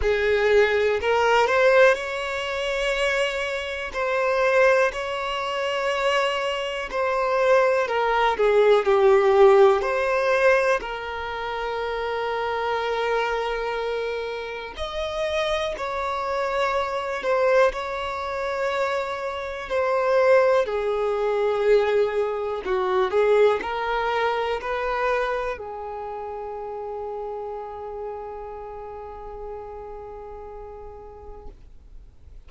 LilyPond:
\new Staff \with { instrumentName = "violin" } { \time 4/4 \tempo 4 = 61 gis'4 ais'8 c''8 cis''2 | c''4 cis''2 c''4 | ais'8 gis'8 g'4 c''4 ais'4~ | ais'2. dis''4 |
cis''4. c''8 cis''2 | c''4 gis'2 fis'8 gis'8 | ais'4 b'4 gis'2~ | gis'1 | }